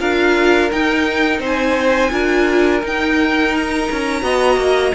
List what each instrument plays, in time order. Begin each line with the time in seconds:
0.00 cello D4, viola F4, violin A#4 F5
0.72 viola D#4, cello D#4, violin G5
1.39 cello C4, violin C5
1.46 violin G#5
2.11 cello D4, viola F4, violin A#4
2.82 viola D#4, cello D#4, violin G5
3.57 violin A#5
3.92 cello C#4
4.22 cello B3, viola F#4, violin D#5
4.57 cello A#3